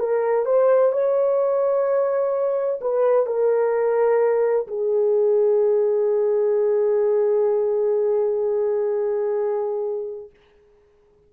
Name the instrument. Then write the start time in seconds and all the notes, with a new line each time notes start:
horn
0.00 A#4
0.46 C5
0.92 C#5
2.81 B4
3.26 A#4
4.68 G#4